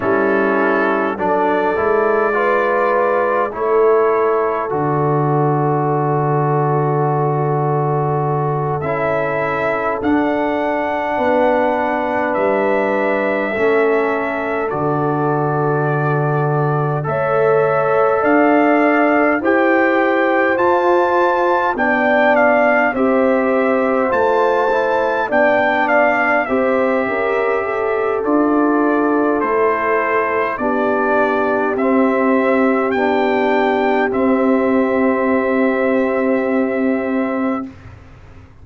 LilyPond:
<<
  \new Staff \with { instrumentName = "trumpet" } { \time 4/4 \tempo 4 = 51 a'4 d''2 cis''4 | d''2.~ d''8 e''8~ | e''8 fis''2 e''4.~ | e''8 d''2 e''4 f''8~ |
f''8 g''4 a''4 g''8 f''8 e''8~ | e''8 a''4 g''8 f''8 e''4. | d''4 c''4 d''4 e''4 | g''4 e''2. | }
  \new Staff \with { instrumentName = "horn" } { \time 4/4 e'4 a'4 b'4 a'4~ | a'1~ | a'4. b'2 a'8~ | a'2~ a'8 cis''4 d''8~ |
d''8 c''2 d''4 c''8~ | c''4. d''4 c''8 ais'8 a'8~ | a'2 g'2~ | g'1 | }
  \new Staff \with { instrumentName = "trombone" } { \time 4/4 cis'4 d'8 e'8 f'4 e'4 | fis'2.~ fis'8 e'8~ | e'8 d'2. cis'8~ | cis'8 fis'2 a'4.~ |
a'8 g'4 f'4 d'4 g'8~ | g'8 f'8 e'8 d'4 g'4. | f'4 e'4 d'4 c'4 | d'4 c'2. | }
  \new Staff \with { instrumentName = "tuba" } { \time 4/4 g4 fis8 gis4. a4 | d2.~ d8 cis'8~ | cis'8 d'4 b4 g4 a8~ | a8 d2 a4 d'8~ |
d'8 e'4 f'4 b4 c'8~ | c'8 a4 b4 c'8 cis'4 | d'4 a4 b4 c'4 | b4 c'2. | }
>>